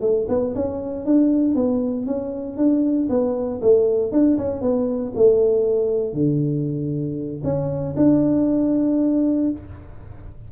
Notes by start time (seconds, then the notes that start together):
0.00 A3
0.28 B3
0.55 C#4
1.05 D4
1.55 B3
2.06 C#4
2.57 D4
3.09 B3
3.61 A3
4.12 D4
4.38 C#4
4.61 B3
5.15 A3
6.13 D3
7.43 C#4
7.97 D4